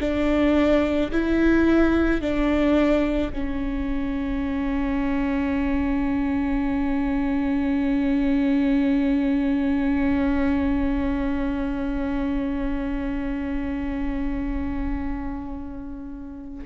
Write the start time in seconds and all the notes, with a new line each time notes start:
0.00 D4
1.12 E4
2.21 D4
3.33 C#4